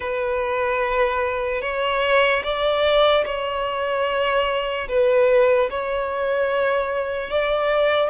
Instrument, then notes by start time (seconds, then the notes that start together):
violin
0.00 B4
1.61 C#5
2.43 D5
3.25 C#5
4.88 B4
5.69 C#5
7.30 D5